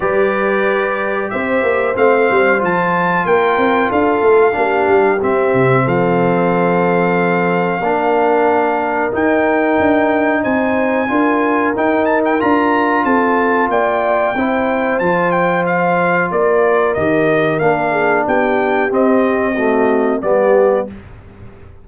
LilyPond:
<<
  \new Staff \with { instrumentName = "trumpet" } { \time 4/4 \tempo 4 = 92 d''2 e''4 f''4 | a''4 g''4 f''2 | e''4 f''2.~ | f''2 g''2 |
gis''2 g''8 a''16 g''16 ais''4 | a''4 g''2 a''8 g''8 | f''4 d''4 dis''4 f''4 | g''4 dis''2 d''4 | }
  \new Staff \with { instrumentName = "horn" } { \time 4/4 b'2 c''2~ | c''4 ais'4 a'4 g'4~ | g'4 a'2. | ais'1 |
c''4 ais'2. | a'4 d''4 c''2~ | c''4 ais'2~ ais'8 gis'8 | g'2 fis'4 g'4 | }
  \new Staff \with { instrumentName = "trombone" } { \time 4/4 g'2. c'4 | f'2. d'4 | c'1 | d'2 dis'2~ |
dis'4 f'4 dis'4 f'4~ | f'2 e'4 f'4~ | f'2 g'4 d'4~ | d'4 c'4 a4 b4 | }
  \new Staff \with { instrumentName = "tuba" } { \time 4/4 g2 c'8 ais8 a8 g8 | f4 ais8 c'8 d'8 a8 ais8 g8 | c'8 c8 f2. | ais2 dis'4 d'4 |
c'4 d'4 dis'4 d'4 | c'4 ais4 c'4 f4~ | f4 ais4 dis4 ais4 | b4 c'2 g4 | }
>>